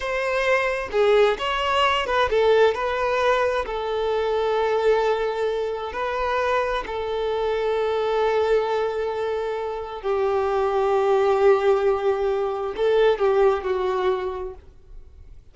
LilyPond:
\new Staff \with { instrumentName = "violin" } { \time 4/4 \tempo 4 = 132 c''2 gis'4 cis''4~ | cis''8 b'8 a'4 b'2 | a'1~ | a'4 b'2 a'4~ |
a'1~ | a'2 g'2~ | g'1 | a'4 g'4 fis'2 | }